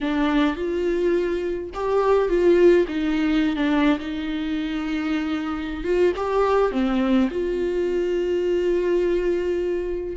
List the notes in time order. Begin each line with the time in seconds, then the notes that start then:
0.01 D4
0.56 F4
1.74 G4
2.28 F4
2.88 D#4
3.56 D4
3.99 D#4
5.84 F4
6.16 G4
6.71 C4
7.30 F4